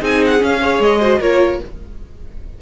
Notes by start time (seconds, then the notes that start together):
0.00 C4 D#4 G#4 G#5
0.26 F#5
0.39 C#4 F5
0.61 G#4 C#5
0.79 G#3 D#5
1.00 F#4 C5
1.20 A#3 F4 A#4 C#5